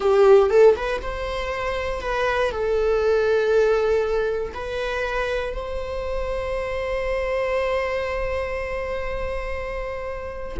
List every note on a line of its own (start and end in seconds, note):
0.00 0.50 G4
0.50 0.75 A4
0.76 1.01 B4
1.01 2.01 C5
2.01 2.51 B4
2.51 4.52 A4
4.54 5.53 B4
5.53 10.57 C5